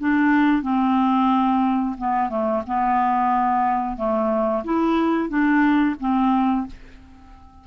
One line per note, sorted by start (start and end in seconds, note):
0.00 0.63 D4
0.63 1.96 C4
1.98 2.30 B3
2.30 2.63 A3
2.67 3.97 B3
3.97 4.64 A3
4.65 5.29 E4
5.29 5.96 D4
6.00 6.67 C4